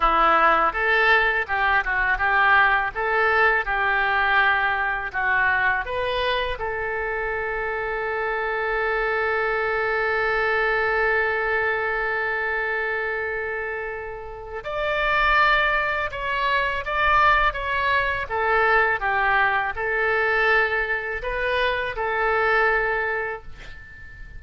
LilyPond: \new Staff \with { instrumentName = "oboe" } { \time 4/4 \tempo 4 = 82 e'4 a'4 g'8 fis'8 g'4 | a'4 g'2 fis'4 | b'4 a'2.~ | a'1~ |
a'1 | d''2 cis''4 d''4 | cis''4 a'4 g'4 a'4~ | a'4 b'4 a'2 | }